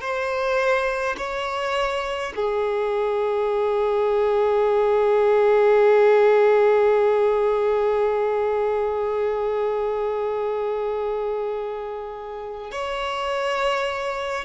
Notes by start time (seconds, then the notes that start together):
0.00 C5
1.17 C#5
2.35 G#4
12.71 C#5